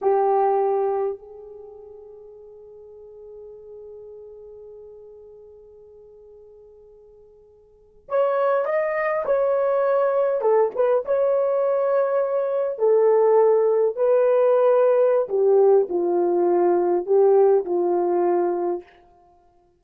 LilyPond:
\new Staff \with { instrumentName = "horn" } { \time 4/4 \tempo 4 = 102 g'2 gis'2~ | gis'1~ | gis'1~ | gis'4.~ gis'16 cis''4 dis''4 cis''16~ |
cis''4.~ cis''16 a'8 b'8 cis''4~ cis''16~ | cis''4.~ cis''16 a'2 b'16~ | b'2 g'4 f'4~ | f'4 g'4 f'2 | }